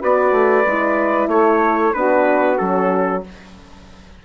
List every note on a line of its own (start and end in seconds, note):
0.00 0.32 B3
0.00 0.65 F#4
0.00 1.29 B4
0.00 1.29 D5
0.32 0.64 A3
0.66 1.27 G#3
0.66 1.95 E4
1.27 1.92 A3
1.27 1.95 A4
1.27 1.93 C#5
1.93 2.60 B3
1.93 2.58 D4
1.93 3.24 F#4
1.93 2.58 B4
2.58 3.25 F#3
2.58 3.23 C#4
2.58 3.23 A4